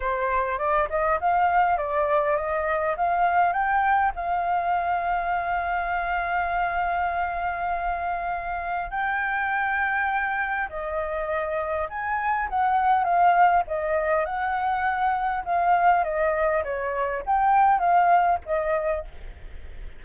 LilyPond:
\new Staff \with { instrumentName = "flute" } { \time 4/4 \tempo 4 = 101 c''4 d''8 dis''8 f''4 d''4 | dis''4 f''4 g''4 f''4~ | f''1~ | f''2. g''4~ |
g''2 dis''2 | gis''4 fis''4 f''4 dis''4 | fis''2 f''4 dis''4 | cis''4 g''4 f''4 dis''4 | }